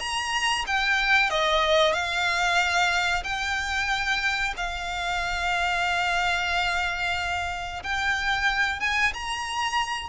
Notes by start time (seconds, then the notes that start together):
0.00 A#5
0.67 G5
1.30 D#5
1.93 F5
3.24 G5
4.57 F5
7.83 G5
8.80 G#5
9.14 A#5